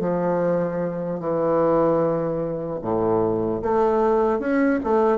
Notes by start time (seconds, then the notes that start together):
0.00 F3
1.20 E3
2.82 A2
3.63 A3
4.40 C#4
4.84 A3